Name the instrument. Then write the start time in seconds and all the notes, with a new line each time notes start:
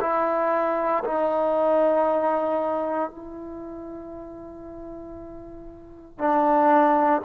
trombone
0.00 E4
1.04 D#4
3.10 E4
6.18 D4